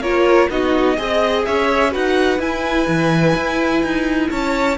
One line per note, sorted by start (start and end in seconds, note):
0.00 0.48 A#3
0.00 0.50 F4
0.00 0.50 A#4
0.00 0.50 C#5
0.50 0.97 B3
0.50 0.98 D#4
0.50 0.97 F#4
0.50 1.45 D#5
0.97 1.46 C4
0.97 1.91 G#4
0.97 1.45 D#5
1.45 1.95 C#4
1.45 1.91 C#5
1.45 1.93 E5
1.91 2.39 D#4
1.91 2.38 F#4
1.91 4.29 B4
1.91 2.41 F#5
2.39 2.87 E4
2.39 4.78 E4
2.39 4.31 G#5
2.88 3.35 E3
3.36 3.83 E4
3.83 4.31 D#4
4.30 4.78 C#4
4.30 4.78 C#5
4.30 4.78 A5